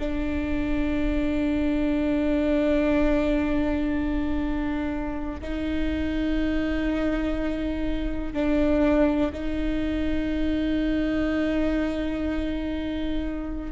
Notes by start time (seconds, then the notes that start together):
0.00 D4
5.41 D#4
8.33 D4
9.33 D#4